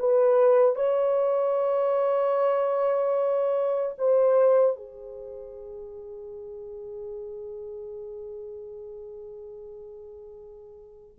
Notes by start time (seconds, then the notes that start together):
0.00 B4
0.76 C#5
3.99 C5
4.76 G#4